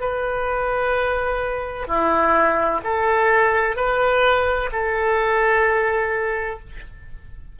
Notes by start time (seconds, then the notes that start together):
0.00 B4
1.87 E4
2.84 A4
3.76 B4
4.72 A4